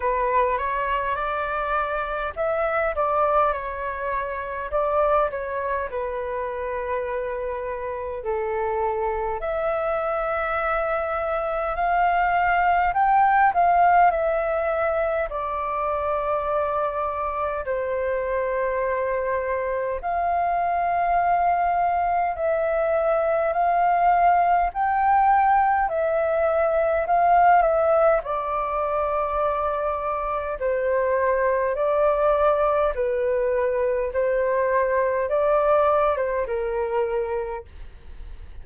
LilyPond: \new Staff \with { instrumentName = "flute" } { \time 4/4 \tempo 4 = 51 b'8 cis''8 d''4 e''8 d''8 cis''4 | d''8 cis''8 b'2 a'4 | e''2 f''4 g''8 f''8 | e''4 d''2 c''4~ |
c''4 f''2 e''4 | f''4 g''4 e''4 f''8 e''8 | d''2 c''4 d''4 | b'4 c''4 d''8. c''16 ais'4 | }